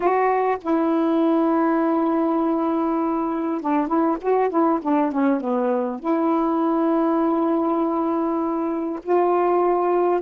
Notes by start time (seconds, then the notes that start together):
0.00 F#4
0.61 E4
3.61 D4
3.87 E4
4.21 F#4
4.49 E4
4.82 D4
5.11 C#4
5.40 B3
5.99 E4
9.02 F4